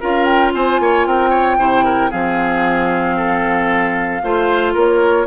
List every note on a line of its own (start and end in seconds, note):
0.00 0.54 C#4
0.00 1.58 F4
0.00 0.53 A#4
0.00 0.25 F5
0.25 0.51 G5
0.54 0.80 C4
0.54 0.81 C5
0.54 1.06 G#5
0.80 1.06 A#3
0.80 1.07 C#5
1.06 1.58 C4
1.06 1.30 A#4
1.06 2.11 G5
1.30 1.56 C#5
1.58 2.10 C3
1.58 2.11 E4
1.58 1.84 C5
1.84 2.10 A#4
2.10 4.23 F3
2.10 4.22 C4
2.10 3.15 G#4
2.10 4.74 F5
3.16 4.22 A4
4.23 4.75 A3
4.23 5.26 F4
4.23 4.73 C5
4.73 5.26 A#3
4.73 5.26 A#4
4.73 5.26 C#5